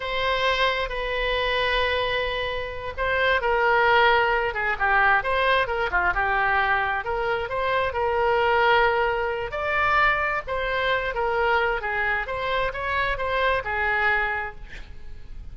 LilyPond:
\new Staff \with { instrumentName = "oboe" } { \time 4/4 \tempo 4 = 132 c''2 b'2~ | b'2~ b'8 c''4 ais'8~ | ais'2 gis'8 g'4 c''8~ | c''8 ais'8 f'8 g'2 ais'8~ |
ais'8 c''4 ais'2~ ais'8~ | ais'4 d''2 c''4~ | c''8 ais'4. gis'4 c''4 | cis''4 c''4 gis'2 | }